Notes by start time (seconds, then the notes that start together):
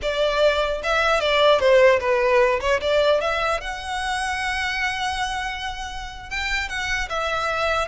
0.02 D5
0.83 E5
1.20 D5
1.59 C5
1.99 B4
2.60 C#5
2.81 D5
3.21 E5
3.61 F#5
6.29 G5
6.69 F#5
7.09 E5